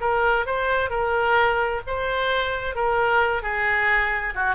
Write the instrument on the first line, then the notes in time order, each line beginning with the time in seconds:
oboe
0.00 A#4
0.45 C5
0.90 A#4
1.86 C5
2.75 A#4
3.42 G#4
4.34 F#4